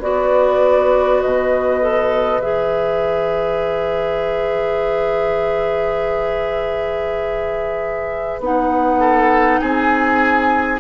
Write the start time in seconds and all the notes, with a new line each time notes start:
0.00 B3 F#4 B4 D5
1.22 B2 D#5
1.81 A4
2.38 E3 G#4 E5
8.40 B3 D#4 F#5
9.00 A4
9.60 C4 G#4 G#5